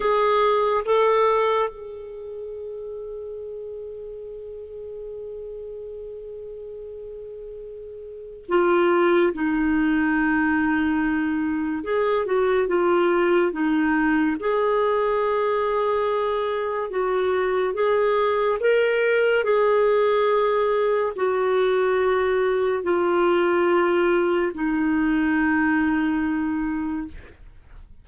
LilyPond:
\new Staff \with { instrumentName = "clarinet" } { \time 4/4 \tempo 4 = 71 gis'4 a'4 gis'2~ | gis'1~ | gis'2 f'4 dis'4~ | dis'2 gis'8 fis'8 f'4 |
dis'4 gis'2. | fis'4 gis'4 ais'4 gis'4~ | gis'4 fis'2 f'4~ | f'4 dis'2. | }